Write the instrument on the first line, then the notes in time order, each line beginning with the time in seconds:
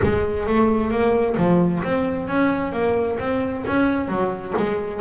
double bass
0.02 G#3
0.46 A3
0.90 A#3
1.37 F3
1.83 C4
2.28 C#4
2.72 A#3
3.19 C4
3.66 C#4
4.08 F#3
4.57 G#3